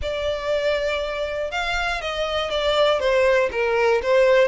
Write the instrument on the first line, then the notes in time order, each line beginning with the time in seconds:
violin
0.01 D5
1.51 F5
2.01 D#5
2.50 D5
2.99 C5
3.51 A#4
4.02 C5